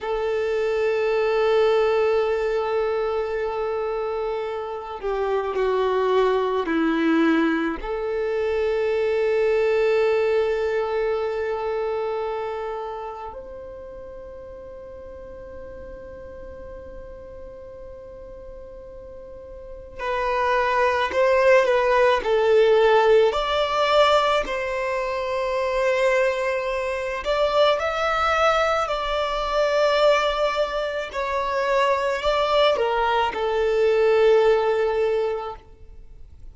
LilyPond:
\new Staff \with { instrumentName = "violin" } { \time 4/4 \tempo 4 = 54 a'1~ | a'8 g'8 fis'4 e'4 a'4~ | a'1 | c''1~ |
c''2 b'4 c''8 b'8 | a'4 d''4 c''2~ | c''8 d''8 e''4 d''2 | cis''4 d''8 ais'8 a'2 | }